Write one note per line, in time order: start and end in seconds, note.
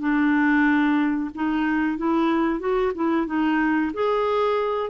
0.00 1.30 D4
1.35 1.98 D#4
1.98 2.60 E4
2.60 2.93 F#4
2.95 3.27 E4
3.27 3.92 D#4
3.94 4.90 G#4